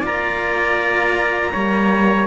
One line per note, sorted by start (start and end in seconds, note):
0.00 1.53 A#3
0.00 1.52 F4
0.00 1.50 D5
0.00 2.27 A#5
1.52 2.27 G3
1.52 2.27 A#3
1.52 2.27 C#5